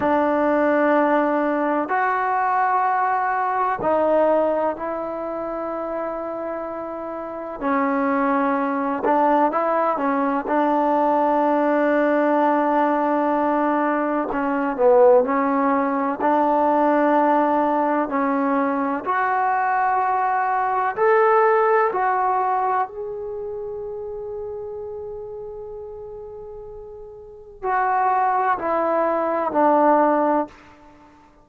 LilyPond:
\new Staff \with { instrumentName = "trombone" } { \time 4/4 \tempo 4 = 63 d'2 fis'2 | dis'4 e'2. | cis'4. d'8 e'8 cis'8 d'4~ | d'2. cis'8 b8 |
cis'4 d'2 cis'4 | fis'2 a'4 fis'4 | gis'1~ | gis'4 fis'4 e'4 d'4 | }